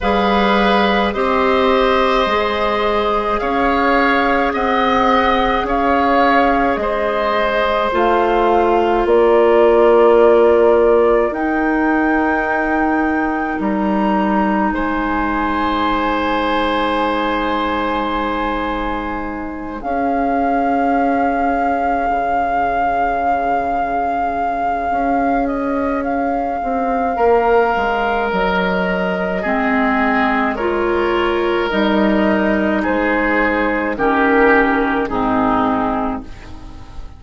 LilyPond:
<<
  \new Staff \with { instrumentName = "flute" } { \time 4/4 \tempo 4 = 53 f''4 dis''2 f''4 | fis''4 f''4 dis''4 f''4 | d''2 g''2 | ais''4 gis''2.~ |
gis''4. f''2~ f''8~ | f''2~ f''8 dis''8 f''4~ | f''4 dis''2 cis''4 | dis''4 c''4 ais'4 gis'4 | }
  \new Staff \with { instrumentName = "oboe" } { \time 4/4 b'4 c''2 cis''4 | dis''4 cis''4 c''2 | ais'1~ | ais'4 c''2.~ |
c''4. gis'2~ gis'8~ | gis'1 | ais'2 gis'4 ais'4~ | ais'4 gis'4 g'4 dis'4 | }
  \new Staff \with { instrumentName = "clarinet" } { \time 4/4 gis'4 g'4 gis'2~ | gis'2. f'4~ | f'2 dis'2~ | dis'1~ |
dis'4. cis'2~ cis'8~ | cis'1~ | cis'2 c'4 f'4 | dis'2 cis'4 c'4 | }
  \new Staff \with { instrumentName = "bassoon" } { \time 4/4 g4 c'4 gis4 cis'4 | c'4 cis'4 gis4 a4 | ais2 dis'2 | g4 gis2.~ |
gis4. cis'2 cis8~ | cis2 cis'4. c'8 | ais8 gis8 fis4 gis2 | g4 gis4 dis4 gis,4 | }
>>